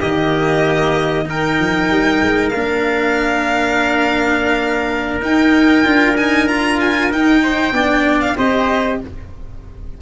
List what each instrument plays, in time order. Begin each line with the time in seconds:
0.00 tuba D#3, cello A#3, trumpet G4, violin D#5
1.26 cello D#4, trumpet A#4, violin G5
1.59 tuba F3
1.90 tuba G3
2.22 tuba G#3
2.49 tuba A#3, cello D4, violin F5
5.21 cello D#4, tuba D#4, violin G5
5.84 tuba D4, cello F4
6.17 cello D#4, violin G#5
6.48 cello F4, violin A#5
6.80 violin G#5
7.11 tuba D#4, cello D#4, violin G5
7.43 trumpet C5
7.72 tuba B3, cello D4, trumpet D5
8.21 violin F5
8.37 tuba C4, cello G4, trumpet C5, violin D#5